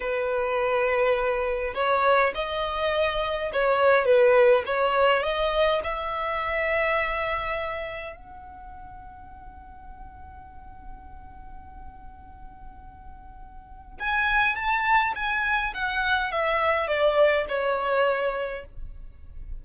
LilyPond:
\new Staff \with { instrumentName = "violin" } { \time 4/4 \tempo 4 = 103 b'2. cis''4 | dis''2 cis''4 b'4 | cis''4 dis''4 e''2~ | e''2 fis''2~ |
fis''1~ | fis''1 | gis''4 a''4 gis''4 fis''4 | e''4 d''4 cis''2 | }